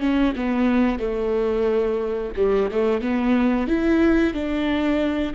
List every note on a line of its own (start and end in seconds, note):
0.00 0.33 C#4
0.36 0.99 B3
0.99 2.32 A3
2.36 2.69 G3
2.71 3.01 A3
3.01 3.67 B3
3.67 4.34 E4
4.34 5.34 D4